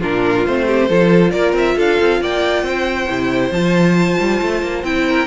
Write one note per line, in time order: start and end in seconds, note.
0.00 0.46 A#2
0.00 0.46 D4
0.00 0.66 F4
0.00 0.46 A#4
0.46 0.89 A3
0.46 0.89 C4
0.46 1.30 C5
0.66 0.88 G4
0.88 1.33 F3
0.88 3.08 F4
0.88 1.31 A4
1.30 1.53 A#3
1.30 1.76 A#4
1.30 1.52 D5
1.53 1.75 C4
1.53 1.79 E5
1.76 2.00 D4
1.76 2.20 A4
1.76 2.23 F5
2.00 2.21 C4
2.21 2.63 A#3
2.21 2.64 D5
2.21 3.52 G5
2.63 3.06 C4
2.63 5.05 C5
3.08 3.51 C3
3.08 3.52 E4
3.51 4.16 F3
3.51 4.85 F4
3.51 4.83 A5
4.19 4.41 G3
4.42 4.62 A3
4.62 4.83 A#3
4.83 5.26 C4
4.83 5.26 E4
4.83 5.26 G5
5.08 5.26 A#4